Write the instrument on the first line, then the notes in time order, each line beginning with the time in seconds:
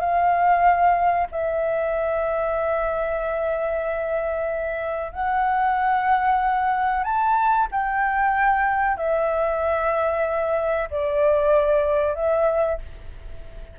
flute
0.00 F5
1.31 E5
5.12 F#5
7.04 A5
7.71 G5
8.97 E5
10.90 D5
12.15 E5